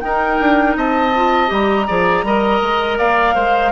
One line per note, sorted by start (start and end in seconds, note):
0.00 1.11 D#4
0.00 0.39 D#4
0.00 0.77 A#4
0.00 0.74 G5
0.39 0.76 D4
0.76 1.50 C4
0.76 1.87 D#5
0.76 1.52 A5
1.15 1.47 F4
1.47 1.87 G3
1.47 1.84 G4
1.47 2.98 A#5
1.87 2.23 F3
1.87 2.24 G#4
1.87 2.24 D5
2.23 2.60 G3
2.23 3.72 A#4
2.23 2.98 D#5
2.61 2.98 G#3
2.98 3.35 A#3
2.98 3.34 D5
2.98 3.72 F5
3.34 3.72 G#3
3.34 3.71 C5